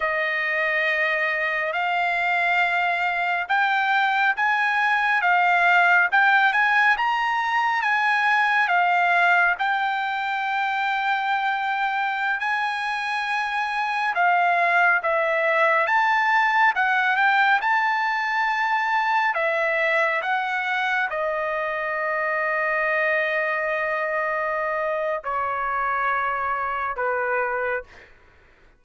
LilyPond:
\new Staff \with { instrumentName = "trumpet" } { \time 4/4 \tempo 4 = 69 dis''2 f''2 | g''4 gis''4 f''4 g''8 gis''8 | ais''4 gis''4 f''4 g''4~ | g''2~ g''16 gis''4.~ gis''16~ |
gis''16 f''4 e''4 a''4 fis''8 g''16~ | g''16 a''2 e''4 fis''8.~ | fis''16 dis''2.~ dis''8.~ | dis''4 cis''2 b'4 | }